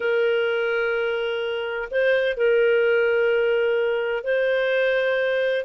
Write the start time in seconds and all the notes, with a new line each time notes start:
0.00 A#4
1.90 C5
2.36 A#4
4.23 C5